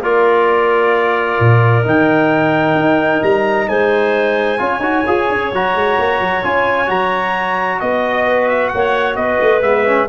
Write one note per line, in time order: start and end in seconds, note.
0.00 1.37 A#3
0.00 1.84 F4
0.00 3.68 A#4
0.00 1.87 D5
1.40 1.86 A#2
1.84 2.75 D#3
1.84 4.58 D#4
1.84 3.23 G5
2.75 3.21 D#4
3.23 3.69 G3
3.23 3.69 A#5
3.69 4.61 G#3
3.69 4.60 C5
3.69 5.52 G#5
4.58 4.80 C#4
4.58 4.81 F4
4.58 7.79 C#5
4.80 5.03 D#4
4.80 5.05 F#4
5.07 5.30 F4
5.07 5.53 G#4
5.30 5.53 C#4
5.53 5.75 F#3
5.53 6.44 F#4
5.53 6.44 A#5
5.75 5.98 G#3
5.99 6.21 A#3
6.21 6.44 F#3
6.44 6.89 C#4
6.44 6.87 F4
6.44 6.90 G#5
6.87 7.81 F#3
6.87 9.62 F#4
6.87 7.81 A#5
7.79 8.74 B3
7.79 8.25 D#5
7.79 8.49 D#5
8.27 8.73 B4
8.49 8.69 E5
8.69 9.15 F#5
8.75 9.16 A#3
8.75 9.19 C#5
9.16 9.39 B3
9.16 10.09 B4
9.16 9.62 D#5
9.41 9.61 A3
9.61 10.07 G#3
9.61 9.85 B3
9.61 10.08 E5
9.86 10.09 C#4